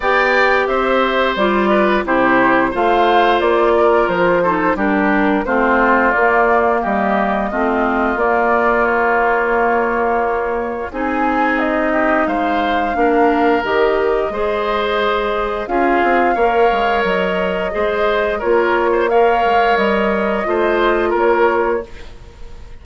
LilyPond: <<
  \new Staff \with { instrumentName = "flute" } { \time 4/4 \tempo 4 = 88 g''4 e''4 d''4 c''4 | f''4 d''4 c''4 ais'4 | c''4 d''4 dis''2 | d''4 cis''2. |
gis''4 dis''4 f''2 | dis''2. f''4~ | f''4 dis''2 cis''4 | f''4 dis''2 cis''4 | }
  \new Staff \with { instrumentName = "oboe" } { \time 4/4 d''4 c''4. b'8 g'4 | c''4. ais'4 a'8 g'4 | f'2 g'4 f'4~ | f'1 |
gis'4. g'8 c''4 ais'4~ | ais'4 c''2 gis'4 | cis''2 c''4 ais'8. c''16 | cis''2 c''4 ais'4 | }
  \new Staff \with { instrumentName = "clarinet" } { \time 4/4 g'2 f'4 e'4 | f'2~ f'8 dis'8 d'4 | c'4 ais2 c'4 | ais1 |
dis'2. d'4 | g'4 gis'2 f'4 | ais'2 gis'4 f'4 | ais'2 f'2 | }
  \new Staff \with { instrumentName = "bassoon" } { \time 4/4 b4 c'4 g4 c4 | a4 ais4 f4 g4 | a4 ais4 g4 a4 | ais1 |
c'2 gis4 ais4 | dis4 gis2 cis'8 c'8 | ais8 gis8 fis4 gis4 ais4~ | ais8 gis8 g4 a4 ais4 | }
>>